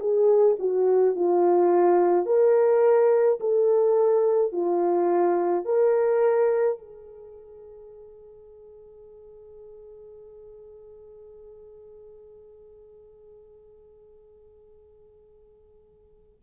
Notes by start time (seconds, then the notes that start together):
0.00 G#4
0.59 F#4
1.16 F4
2.26 A#4
3.40 A4
4.52 F4
5.65 A#4
6.79 G#4